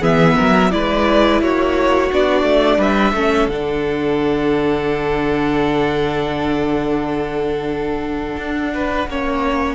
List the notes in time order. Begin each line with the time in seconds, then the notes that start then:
0.00 E3 B3 G#4 E5
0.36 F#3 A#4
0.71 G#3 E4 B4 D5
1.41 A#3 F#4 C#5
2.12 B3 D4 D5
2.43 A3
2.78 G3 B4 E5
3.12 A3 C#4 A4
3.47 D3 D4 F#5
8.37 D4
8.74 B4
9.07 A#3 C#4 C#5